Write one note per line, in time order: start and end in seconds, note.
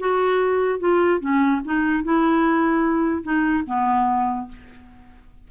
0.00 0.80 F#4
0.80 1.21 F4
1.21 1.62 C#4
1.65 2.04 D#4
2.04 3.24 E4
3.24 3.64 D#4
3.67 4.49 B3